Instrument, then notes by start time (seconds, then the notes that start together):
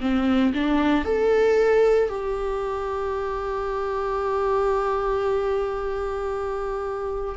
viola
0.00 C4
0.54 D4
1.04 A4
2.09 G4